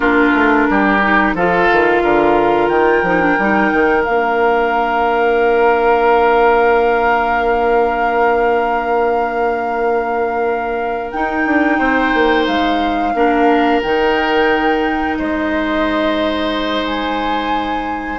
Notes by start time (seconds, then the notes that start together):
0.00 A#3 D4 F4 A#4
0.33 A3
0.69 G3 G4
1.02 D#4
1.34 F3 F4 A4 F5
1.72 D#3
2.02 D3 A#4
2.68 D#3 G5
3.02 F3 D#4
3.20 D4
3.38 G3 D#4
3.72 D#3
4.04 A#3 D4 F5
11.11 D#4 G5
11.46 D4
11.78 C4 C5
12.14 A#3
12.46 G#3 F5
13.14 A#3 D4 A#4
13.82 D#3 D#4 G5
15.17 G#3 C5 D#5
16.85 G#5